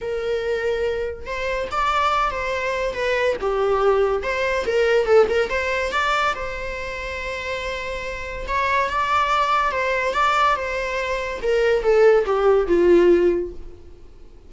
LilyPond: \new Staff \with { instrumentName = "viola" } { \time 4/4 \tempo 4 = 142 ais'2. c''4 | d''4. c''4. b'4 | g'2 c''4 ais'4 | a'8 ais'8 c''4 d''4 c''4~ |
c''1 | cis''4 d''2 c''4 | d''4 c''2 ais'4 | a'4 g'4 f'2 | }